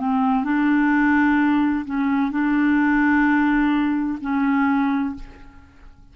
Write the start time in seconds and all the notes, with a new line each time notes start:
0.00 C4
0.44 D4
1.86 C#4
2.31 D4
4.21 C#4